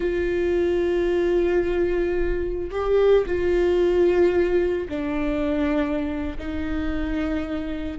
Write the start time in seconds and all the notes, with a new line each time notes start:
0.00 F4
2.70 G4
3.26 F4
4.88 D4
6.38 D#4